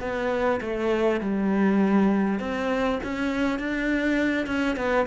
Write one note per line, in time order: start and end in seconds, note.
0.00 0.60 B3
0.61 1.21 A3
1.21 2.39 G3
2.39 2.99 C4
3.04 3.59 C#4
3.59 4.47 D4
4.47 4.76 C#4
4.76 5.06 B3